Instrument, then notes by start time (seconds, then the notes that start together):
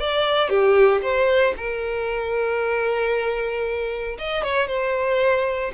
violin
0.00 D5
0.50 G4
1.02 C5
1.57 A#4
4.18 D#5
4.44 C#5
4.68 C5